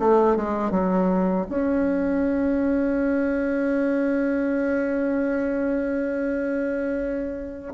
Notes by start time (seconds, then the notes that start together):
0.00 A3
0.37 G#3
0.71 F#3
1.49 C#4